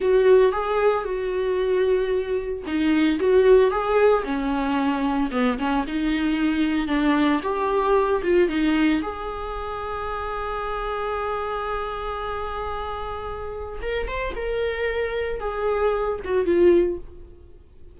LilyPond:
\new Staff \with { instrumentName = "viola" } { \time 4/4 \tempo 4 = 113 fis'4 gis'4 fis'2~ | fis'4 dis'4 fis'4 gis'4 | cis'2 b8 cis'8 dis'4~ | dis'4 d'4 g'4. f'8 |
dis'4 gis'2.~ | gis'1~ | gis'2 ais'8 c''8 ais'4~ | ais'4 gis'4. fis'8 f'4 | }